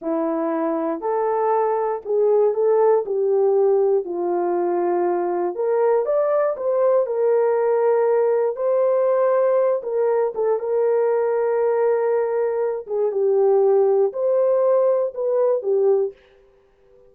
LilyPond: \new Staff \with { instrumentName = "horn" } { \time 4/4 \tempo 4 = 119 e'2 a'2 | gis'4 a'4 g'2 | f'2. ais'4 | d''4 c''4 ais'2~ |
ais'4 c''2~ c''8 ais'8~ | ais'8 a'8 ais'2.~ | ais'4. gis'8 g'2 | c''2 b'4 g'4 | }